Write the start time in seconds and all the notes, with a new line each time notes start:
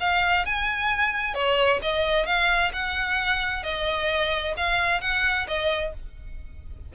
0.00 F5
0.46 G#5
1.34 C#5
1.82 D#5
2.26 F5
2.73 F#5
3.63 D#5
4.57 F5
5.01 F#5
5.47 D#5